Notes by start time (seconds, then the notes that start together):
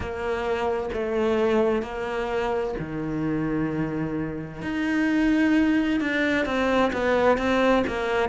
0.00 A#3
0.93 A3
1.82 A#3
2.79 D#3
4.62 D#4
6.00 D4
6.45 C4
6.92 B3
7.37 C4
7.87 A#3